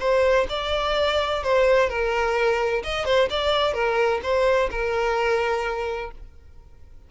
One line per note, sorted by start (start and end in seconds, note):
0.00 0.47 C5
0.49 1.43 D5
1.43 1.89 C5
1.89 2.83 A#4
2.84 3.05 D#5
3.05 3.29 C5
3.30 3.74 D5
3.74 4.20 A#4
4.23 4.70 C5
4.71 6.12 A#4